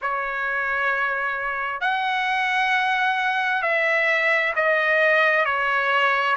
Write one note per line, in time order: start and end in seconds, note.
0.01 1.80 C#5
1.80 3.62 F#5
3.62 4.53 E5
4.55 5.45 D#5
5.45 6.36 C#5